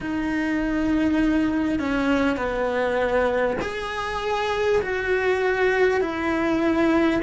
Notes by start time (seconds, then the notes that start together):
0.00 D#4
1.79 C#4
2.36 B3
3.61 G#4
4.82 F#4
6.01 E4